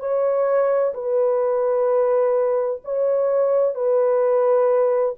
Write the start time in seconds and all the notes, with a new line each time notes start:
0.00 C#5
0.95 B4
2.85 C#5
3.75 B4